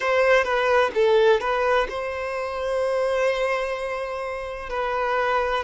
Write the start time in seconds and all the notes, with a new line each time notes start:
0.00 C5
0.43 B4
0.94 A4
1.40 B4
1.89 C5
4.69 B4